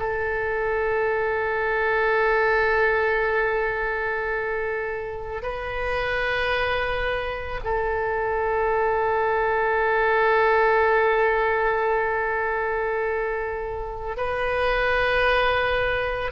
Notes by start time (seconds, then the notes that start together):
0.00 A4
5.43 B4
7.65 A4
14.17 B4